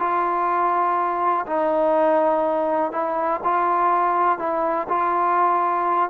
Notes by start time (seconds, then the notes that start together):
0.00 F4
1.47 D#4
2.92 E4
3.44 F4
4.39 E4
4.89 F4